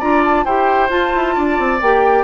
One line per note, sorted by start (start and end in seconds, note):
0.00 0.45 D4
0.00 0.46 F4
0.00 0.45 D5
0.00 0.24 A#5
0.25 0.45 A5
0.45 0.90 E4
0.45 0.89 G4
0.45 1.35 C5
0.45 0.90 G5
0.89 1.80 F4
0.89 1.12 F4
0.89 1.81 A5
1.15 1.37 E4
1.35 1.59 D4
1.35 2.24 D5
1.59 1.81 C4
1.81 2.24 A#3
1.81 2.24 G4
1.81 2.24 G5